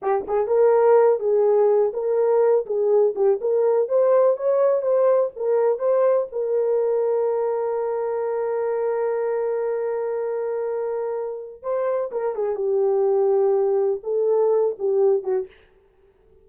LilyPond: \new Staff \with { instrumentName = "horn" } { \time 4/4 \tempo 4 = 124 g'8 gis'8 ais'4. gis'4. | ais'4. gis'4 g'8 ais'4 | c''4 cis''4 c''4 ais'4 | c''4 ais'2.~ |
ais'1~ | ais'1 | c''4 ais'8 gis'8 g'2~ | g'4 a'4. g'4 fis'8 | }